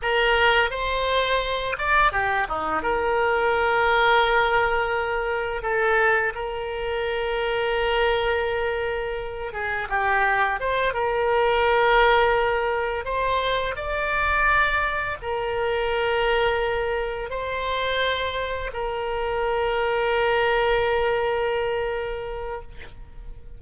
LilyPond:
\new Staff \with { instrumentName = "oboe" } { \time 4/4 \tempo 4 = 85 ais'4 c''4. d''8 g'8 dis'8 | ais'1 | a'4 ais'2.~ | ais'4. gis'8 g'4 c''8 ais'8~ |
ais'2~ ais'8 c''4 d''8~ | d''4. ais'2~ ais'8~ | ais'8 c''2 ais'4.~ | ais'1 | }